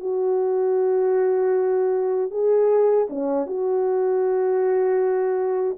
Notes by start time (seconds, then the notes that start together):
0.00 F#4
2.31 G#4
3.09 C#4
3.47 F#4